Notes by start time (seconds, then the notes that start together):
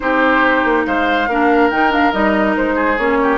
0.00 C4 D#4 G4 C5
0.64 A#3
0.86 G#3 C5 F5
1.28 A#3 D4 A#4
1.70 D#3 D#4 G5
1.90 D4 F5
2.12 G3 D#4 D#5
2.56 G#3 C5
2.75 G#4
2.97 A#3 C#4 C#5
3.22 G4